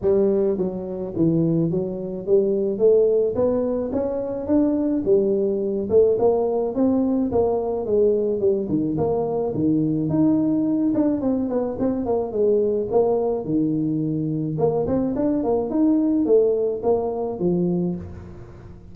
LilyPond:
\new Staff \with { instrumentName = "tuba" } { \time 4/4 \tempo 4 = 107 g4 fis4 e4 fis4 | g4 a4 b4 cis'4 | d'4 g4. a8 ais4 | c'4 ais4 gis4 g8 dis8 |
ais4 dis4 dis'4. d'8 | c'8 b8 c'8 ais8 gis4 ais4 | dis2 ais8 c'8 d'8 ais8 | dis'4 a4 ais4 f4 | }